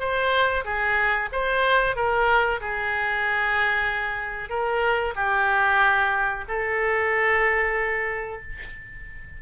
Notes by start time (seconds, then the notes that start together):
0.00 C5
0.65 G#4
1.32 C5
1.96 A#4
2.61 G#4
4.50 A#4
5.16 G4
6.48 A4